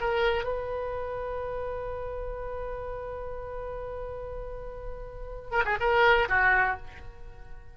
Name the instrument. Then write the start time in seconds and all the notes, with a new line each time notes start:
oboe
0.00 A#4
0.43 B4
5.51 A#4
5.65 G#4
5.80 A#4
6.28 F#4